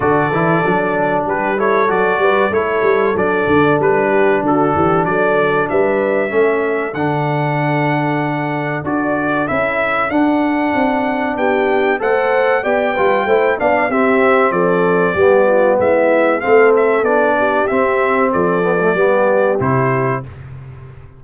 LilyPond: <<
  \new Staff \with { instrumentName = "trumpet" } { \time 4/4 \tempo 4 = 95 d''2 b'8 cis''8 d''4 | cis''4 d''4 b'4 a'4 | d''4 e''2 fis''4~ | fis''2 d''4 e''4 |
fis''2 g''4 fis''4 | g''4. f''8 e''4 d''4~ | d''4 e''4 f''8 e''8 d''4 | e''4 d''2 c''4 | }
  \new Staff \with { instrumentName = "horn" } { \time 4/4 a'2 g'8 a'4 b'8 | a'2~ a'8 g'8 fis'8 g'8 | a'4 b'4 a'2~ | a'1~ |
a'2 g'4 c''4 | d''8 b'8 c''8 d''8 g'4 a'4 | g'8 f'8 e'4 a'4. g'8~ | g'4 a'4 g'2 | }
  \new Staff \with { instrumentName = "trombone" } { \time 4/4 fis'8 e'8 d'4. e'8 fis'4 | e'4 d'2.~ | d'2 cis'4 d'4~ | d'2 fis'4 e'4 |
d'2. a'4 | g'8 f'8 e'8 d'8 c'2 | b2 c'4 d'4 | c'4. b16 a16 b4 e'4 | }
  \new Staff \with { instrumentName = "tuba" } { \time 4/4 d8 e8 fis4 g4 fis8 g8 | a8 g8 fis8 d8 g4 d8 e8 | fis4 g4 a4 d4~ | d2 d'4 cis'4 |
d'4 c'4 b4 a4 | b8 g8 a8 b8 c'4 f4 | g4 gis4 a4 b4 | c'4 f4 g4 c4 | }
>>